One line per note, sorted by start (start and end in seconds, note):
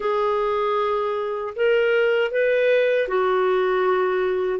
0.00 1.54 G#4
1.55 2.31 A#4
2.31 3.08 B4
3.08 4.59 F#4